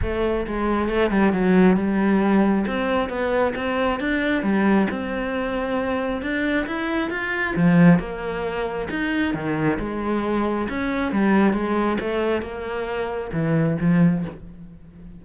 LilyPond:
\new Staff \with { instrumentName = "cello" } { \time 4/4 \tempo 4 = 135 a4 gis4 a8 g8 fis4 | g2 c'4 b4 | c'4 d'4 g4 c'4~ | c'2 d'4 e'4 |
f'4 f4 ais2 | dis'4 dis4 gis2 | cis'4 g4 gis4 a4 | ais2 e4 f4 | }